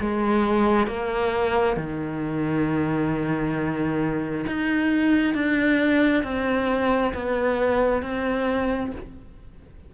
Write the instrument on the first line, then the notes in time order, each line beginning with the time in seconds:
cello
0.00 G#3
0.87 A#3
1.77 D#3
4.47 D#4
5.34 D4
6.24 C4
7.14 B3
8.02 C4